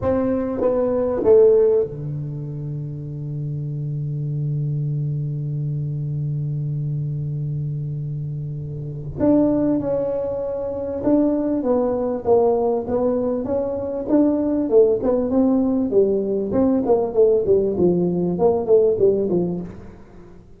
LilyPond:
\new Staff \with { instrumentName = "tuba" } { \time 4/4 \tempo 4 = 98 c'4 b4 a4 d4~ | d1~ | d1~ | d2. d'4 |
cis'2 d'4 b4 | ais4 b4 cis'4 d'4 | a8 b8 c'4 g4 c'8 ais8 | a8 g8 f4 ais8 a8 g8 f8 | }